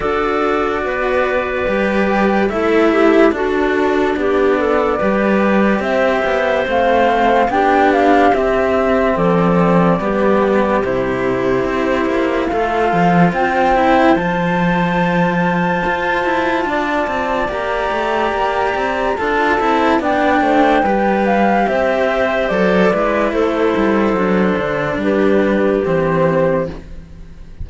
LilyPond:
<<
  \new Staff \with { instrumentName = "flute" } { \time 4/4 \tempo 4 = 72 d''2. e''4 | a'4 d''2 e''4 | f''4 g''8 f''8 e''4 d''4~ | d''4 c''2 f''4 |
g''4 a''2.~ | a''4 ais''2 a''4 | g''4. f''8 e''4 d''4 | c''2 b'4 c''4 | }
  \new Staff \with { instrumentName = "clarinet" } { \time 4/4 a'4 b'2 a'8 g'8 | fis'4 g'8 a'8 b'4 c''4~ | c''4 g'2 a'4 | g'2. a'4 |
c''1 | d''2. a'4 | d''8 c''8 b'4 c''4. b'8 | a'2 g'2 | }
  \new Staff \with { instrumentName = "cello" } { \time 4/4 fis'2 g'4 e'4 | d'2 g'2 | c'4 d'4 c'2 | b4 e'2 f'4~ |
f'8 e'8 f'2.~ | f'4 g'2 f'8 e'8 | d'4 g'2 a'8 e'8~ | e'4 d'2 c'4 | }
  \new Staff \with { instrumentName = "cello" } { \time 4/4 d'4 b4 g4 a4 | d'4 b4 g4 c'8 b8 | a4 b4 c'4 f4 | g4 c4 c'8 ais8 a8 f8 |
c'4 f2 f'8 e'8 | d'8 c'8 ais8 a8 ais8 c'8 d'8 c'8 | b8 a8 g4 c'4 fis8 gis8 | a8 g8 fis8 d8 g4 e4 | }
>>